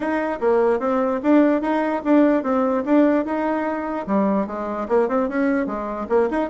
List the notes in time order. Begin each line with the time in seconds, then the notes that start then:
0.00 D#4
0.39 A#3
0.79 C4
1.23 D4
1.61 D#4
2.04 D4
2.43 C4
2.85 D4
3.25 D#4
4.06 G3
4.46 G#3
4.88 A#3
5.08 C4
5.28 C#4
5.66 G#3
6.09 A#3
6.30 D#4